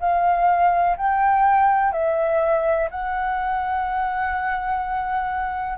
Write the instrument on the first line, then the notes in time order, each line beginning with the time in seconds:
flute
0.00 F5
0.97 G5
1.92 E5
2.91 F#5